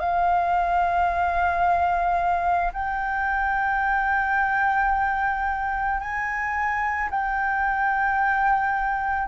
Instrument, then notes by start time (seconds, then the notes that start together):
flute
0.00 F5
2.73 G5
6.01 G#5
7.11 G5